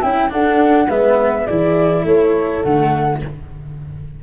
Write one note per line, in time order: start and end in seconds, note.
0.00 0.32 C#4
0.00 0.30 E4
0.00 0.29 E5
0.00 0.31 G5
0.30 0.88 D4
0.30 0.89 D4
0.30 0.88 A4
0.30 0.90 F#5
0.88 1.47 G#3
0.88 1.48 B3
0.88 1.46 B4
0.88 1.47 E5
1.46 2.04 E3
1.46 2.64 E4
1.46 2.05 G#4
1.46 2.05 D5
2.04 2.62 A3
2.04 3.23 A4
2.04 2.63 C#5
2.63 3.23 D3
2.63 3.22 A3
2.63 3.21 F#5